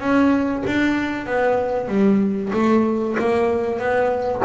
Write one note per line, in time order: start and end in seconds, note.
0.00 0.63 C#4
0.67 1.26 D4
1.26 1.88 B3
1.88 2.51 G3
2.53 3.16 A3
3.19 3.79 A#3
3.79 4.42 B3